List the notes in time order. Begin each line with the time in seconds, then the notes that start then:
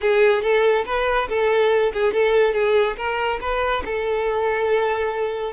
0.01 G#4
0.42 A4
0.85 B4
1.28 A4
1.93 G#4
2.13 A4
2.53 G#4
2.97 A#4
3.40 B4
3.85 A4